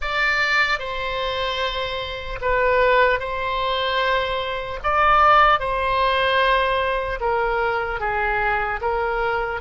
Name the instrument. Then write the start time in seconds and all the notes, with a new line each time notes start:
oboe
0.01 D5
0.79 C5
2.41 B4
3.19 C5
4.83 D5
5.59 C5
7.20 A#4
8.00 G#4
8.81 A#4